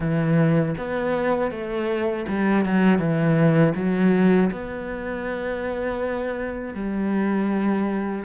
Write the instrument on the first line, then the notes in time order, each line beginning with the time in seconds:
cello
0.00 E3
0.77 B3
1.51 A3
2.27 G3
2.65 F#3
2.98 E3
3.75 F#3
4.51 B3
6.74 G3